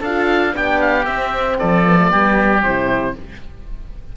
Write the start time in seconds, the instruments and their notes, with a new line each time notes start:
0.00 cello D4, horn F4, oboe A4 F5
0.53 cello B3, horn D4, oboe G4 G5
0.81 oboe F5
1.05 cello C4, horn C4, oboe E5
1.59 cello F3, oboe A4 D5
1.84 horn B3
1.96 horn A3
2.08 cello G3, horn B3, oboe G4
2.62 cello C3, horn E4, oboe C5